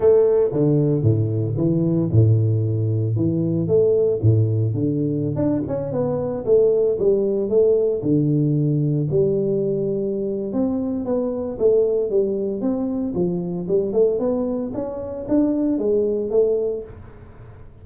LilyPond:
\new Staff \with { instrumentName = "tuba" } { \time 4/4 \tempo 4 = 114 a4 d4 a,4 e4 | a,2 e4 a4 | a,4 d4~ d16 d'8 cis'8 b8.~ | b16 a4 g4 a4 d8.~ |
d4~ d16 g2~ g8. | c'4 b4 a4 g4 | c'4 f4 g8 a8 b4 | cis'4 d'4 gis4 a4 | }